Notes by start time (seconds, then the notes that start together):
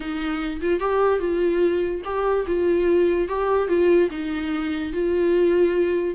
0.00 D#4
0.61 F4
0.80 G4
1.19 F4
2.04 G4
2.46 F4
3.28 G4
3.68 F4
4.10 D#4
4.92 F4